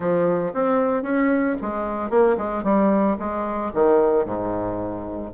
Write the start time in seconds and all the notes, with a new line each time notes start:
0.00 F3
0.53 C4
1.02 C#4
1.61 G#3
2.10 A#3
2.37 G#3
2.63 G3
3.19 G#3
3.73 D#3
4.25 G#2